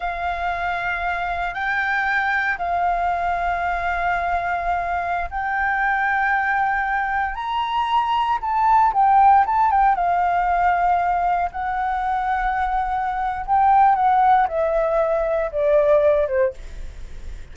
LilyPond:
\new Staff \with { instrumentName = "flute" } { \time 4/4 \tempo 4 = 116 f''2. g''4~ | g''4 f''2.~ | f''2~ f''16 g''4.~ g''16~ | g''2~ g''16 ais''4.~ ais''16~ |
ais''16 a''4 g''4 a''8 g''8 f''8.~ | f''2~ f''16 fis''4.~ fis''16~ | fis''2 g''4 fis''4 | e''2 d''4. c''8 | }